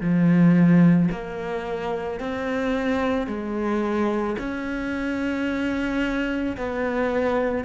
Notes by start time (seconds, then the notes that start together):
0.00 F3
1.11 A#3
2.19 C4
3.27 G#3
4.38 C#4
6.57 B3